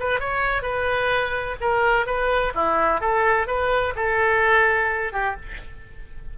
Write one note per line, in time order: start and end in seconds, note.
0.00 0.20 B4
0.20 0.63 C#5
0.63 1.56 B4
1.61 2.06 A#4
2.06 2.53 B4
2.55 3.01 E4
3.01 3.47 A4
3.47 3.94 B4
3.96 5.13 A4
5.13 5.36 G4